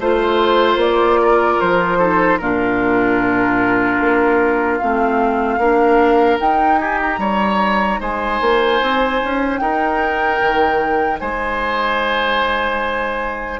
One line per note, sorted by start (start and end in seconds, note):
0.00 0.76 A3
0.00 1.99 F4
0.00 1.20 C5
0.00 0.81 C5
0.76 1.56 A#3
0.76 1.61 D5
1.22 1.99 A#4
1.61 2.40 F3
1.61 2.38 C5
1.99 2.39 D#4
1.99 2.39 A4
2.38 4.00 A#2
2.38 4.81 D4
2.38 5.60 F4
2.38 4.78 A#4
4.00 4.80 A#3
4.79 5.58 A3
4.79 5.60 C4
4.79 6.39 F5
5.58 6.38 A#3
5.58 6.40 D4
5.58 6.80 A#4
6.40 13.60 D#4
6.40 7.19 D#4
6.40 6.79 G5
6.79 7.20 G4
6.79 6.99 G#5
7.02 8.02 A#5
7.19 7.99 G3
7.19 8.00 C#5
8.00 8.40 G#3
8.00 9.60 C5
8.00 9.58 G#5
8.41 8.81 A#3
8.82 9.22 C4
9.24 9.61 C#4
9.58 10.41 D#4
9.58 11.21 A#4
9.58 11.18 G5
10.42 11.21 D#3
11.20 13.60 G#3
11.20 13.60 C5
11.20 13.60 G#5